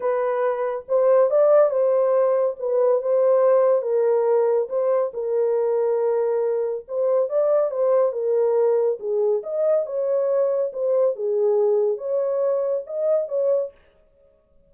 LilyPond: \new Staff \with { instrumentName = "horn" } { \time 4/4 \tempo 4 = 140 b'2 c''4 d''4 | c''2 b'4 c''4~ | c''4 ais'2 c''4 | ais'1 |
c''4 d''4 c''4 ais'4~ | ais'4 gis'4 dis''4 cis''4~ | cis''4 c''4 gis'2 | cis''2 dis''4 cis''4 | }